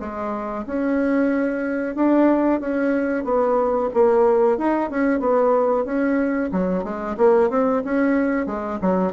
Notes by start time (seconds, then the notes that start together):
0.00 G#3
0.67 C#4
1.96 D4
2.61 C#4
3.25 B3
3.94 A#3
4.58 D#4
4.91 C#4
5.20 B3
5.85 C#4
6.52 F#3
6.84 G#3
7.18 A#3
7.50 C4
7.85 C#4
8.47 G#3
8.82 F#3